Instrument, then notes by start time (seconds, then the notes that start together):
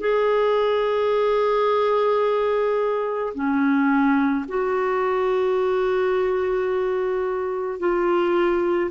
clarinet
0.00 G#4
3.34 C#4
4.48 F#4
7.79 F4